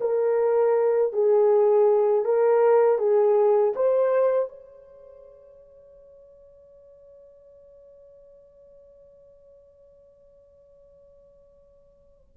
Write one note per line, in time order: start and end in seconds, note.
0.00 1.12 A#4
1.12 2.24 G#4
2.24 2.98 A#4
2.98 3.73 G#4
3.75 4.48 C5
4.48 12.36 C#5